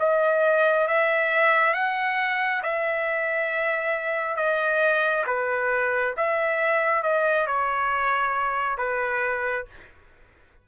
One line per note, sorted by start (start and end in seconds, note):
0.00 0.88 D#5
0.88 1.74 E5
1.74 2.62 F#5
2.63 4.36 E5
4.36 5.25 D#5
5.27 6.15 B4
6.17 7.03 E5
7.03 7.47 D#5
7.47 8.78 C#5
8.78 9.66 B4